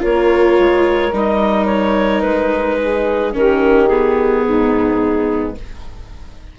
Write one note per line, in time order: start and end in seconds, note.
0.00 0.59 A#3
0.00 1.11 F4
0.00 2.79 A#4
0.00 1.14 C#5
0.59 1.12 G#3
1.12 2.23 G3
1.12 3.33 D#4
1.12 1.66 D#5
1.66 2.21 C#5
2.21 3.34 G#3
2.21 3.32 B4
2.80 3.35 G#4
3.33 4.45 D#3
3.33 3.88 C#4
3.33 4.46 G4
3.33 3.88 A#4
3.88 5.57 B3
3.88 5.55 G#4
4.46 5.59 G#2
4.46 5.57 D#4